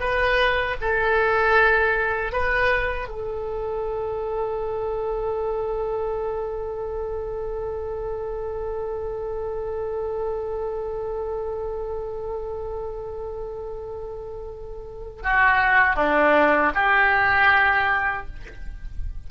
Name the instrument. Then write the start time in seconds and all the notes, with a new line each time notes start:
oboe
0.00 B4
0.81 A4
2.32 B4
3.08 A4
15.23 F#4
15.96 D4
16.75 G4